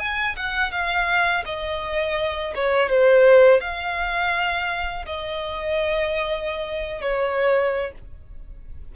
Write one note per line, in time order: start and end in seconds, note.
0.00 0.36 G#5
0.37 0.72 F#5
0.72 1.44 F5
1.46 2.54 D#5
2.56 2.90 C#5
2.90 3.61 C5
3.61 5.06 F5
5.06 7.02 D#5
7.02 7.92 C#5